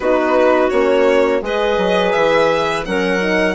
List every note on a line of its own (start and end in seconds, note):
0.00 0.69 B3
0.00 0.70 D#4
0.00 1.43 F#4
0.00 0.69 B4
0.69 1.41 A#3
0.69 1.41 C#4
0.69 1.41 C#5
1.41 1.77 G#3
1.41 2.84 G#4
1.41 2.87 B4
1.41 2.12 D#5
1.77 2.13 F#3
2.12 2.86 E3
2.12 2.83 E5
2.85 3.54 F#3
2.85 3.19 C#4
2.85 3.54 A#4
2.85 3.54 F#5
3.19 3.54 D#4